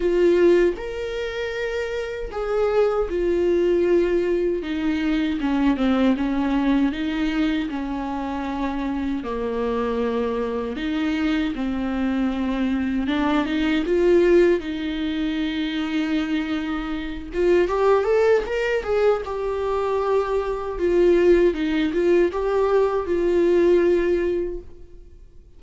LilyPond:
\new Staff \with { instrumentName = "viola" } { \time 4/4 \tempo 4 = 78 f'4 ais'2 gis'4 | f'2 dis'4 cis'8 c'8 | cis'4 dis'4 cis'2 | ais2 dis'4 c'4~ |
c'4 d'8 dis'8 f'4 dis'4~ | dis'2~ dis'8 f'8 g'8 a'8 | ais'8 gis'8 g'2 f'4 | dis'8 f'8 g'4 f'2 | }